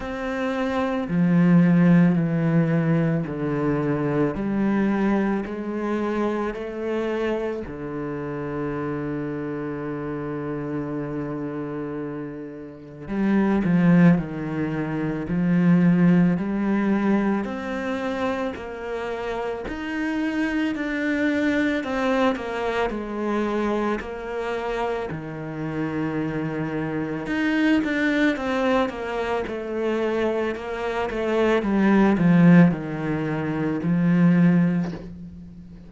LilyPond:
\new Staff \with { instrumentName = "cello" } { \time 4/4 \tempo 4 = 55 c'4 f4 e4 d4 | g4 gis4 a4 d4~ | d1 | g8 f8 dis4 f4 g4 |
c'4 ais4 dis'4 d'4 | c'8 ais8 gis4 ais4 dis4~ | dis4 dis'8 d'8 c'8 ais8 a4 | ais8 a8 g8 f8 dis4 f4 | }